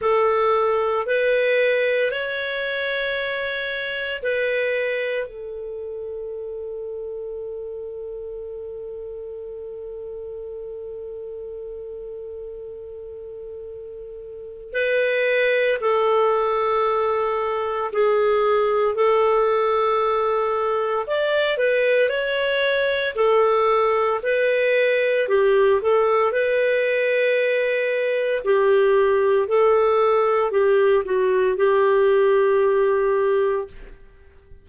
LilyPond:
\new Staff \with { instrumentName = "clarinet" } { \time 4/4 \tempo 4 = 57 a'4 b'4 cis''2 | b'4 a'2.~ | a'1~ | a'2 b'4 a'4~ |
a'4 gis'4 a'2 | d''8 b'8 cis''4 a'4 b'4 | g'8 a'8 b'2 g'4 | a'4 g'8 fis'8 g'2 | }